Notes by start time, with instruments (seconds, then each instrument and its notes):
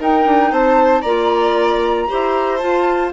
0.00 bassoon D#4, clarinet D#4, violin A#4, flute G5
0.26 bassoon D4
0.52 bassoon C4, violin C5, flute A5
1.02 bassoon A#3, clarinet F4, violin D5, flute A#5
2.08 bassoon E4, clarinet G4, violin C5
2.58 clarinet F4, bassoon F4, flute A5